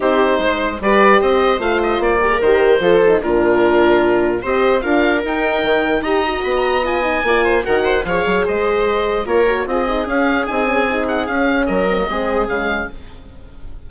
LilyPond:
<<
  \new Staff \with { instrumentName = "oboe" } { \time 4/4 \tempo 4 = 149 c''2 d''4 dis''4 | f''8 dis''8 d''4 c''2 | ais'2. dis''4 | f''4 g''2 ais''4 |
b''16 ais''8. gis''2 fis''4 | f''4 dis''2 cis''4 | dis''4 f''4 gis''4. fis''8 | f''4 dis''2 f''4 | }
  \new Staff \with { instrumentName = "viola" } { \time 4/4 g'4 c''4 b'4 c''4~ | c''4. ais'4. a'4 | f'2. c''4 | ais'2. dis''4~ |
dis''2 d''8 c''8 ais'8 c''8 | cis''4 c''2 ais'4 | gis'1~ | gis'4 ais'4 gis'2 | }
  \new Staff \with { instrumentName = "horn" } { \time 4/4 dis'2 g'2 | f'4. g'16 gis'16 g'4 f'8 dis'8 | d'2. g'4 | f'4 dis'2 g'8 fis'8~ |
fis'4 f'8 dis'8 f'4 fis'4 | gis'2. f'8 fis'8 | f'8 dis'8 cis'4 dis'8 cis'8 dis'4 | cis'4. c'16 ais16 c'4 gis4 | }
  \new Staff \with { instrumentName = "bassoon" } { \time 4/4 c'4 gis4 g4 c'4 | a4 ais4 dis4 f4 | ais,2. c'4 | d'4 dis'4 dis4 dis'4 |
b2 ais4 dis4 | f8 fis8 gis2 ais4 | c'4 cis'4 c'2 | cis'4 fis4 gis4 cis4 | }
>>